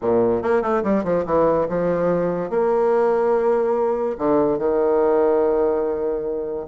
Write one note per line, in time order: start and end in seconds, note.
0.01 0.42 A#2
0.42 0.62 A#3
0.62 0.82 A3
0.83 1.03 G3
1.04 1.24 F3
1.25 1.67 E3
1.68 2.49 F3
2.49 4.16 A#3
4.18 4.58 D3
4.58 6.66 D#3